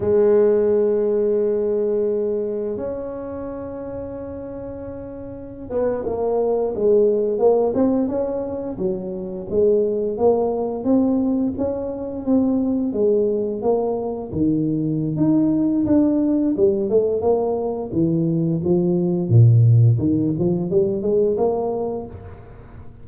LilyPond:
\new Staff \with { instrumentName = "tuba" } { \time 4/4 \tempo 4 = 87 gis1 | cis'1~ | cis'16 b8 ais4 gis4 ais8 c'8 cis'16~ | cis'8. fis4 gis4 ais4 c'16~ |
c'8. cis'4 c'4 gis4 ais16~ | ais8. dis4~ dis16 dis'4 d'4 | g8 a8 ais4 e4 f4 | ais,4 dis8 f8 g8 gis8 ais4 | }